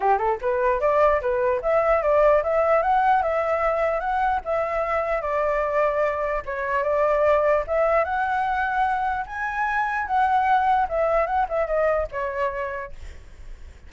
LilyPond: \new Staff \with { instrumentName = "flute" } { \time 4/4 \tempo 4 = 149 g'8 a'8 b'4 d''4 b'4 | e''4 d''4 e''4 fis''4 | e''2 fis''4 e''4~ | e''4 d''2. |
cis''4 d''2 e''4 | fis''2. gis''4~ | gis''4 fis''2 e''4 | fis''8 e''8 dis''4 cis''2 | }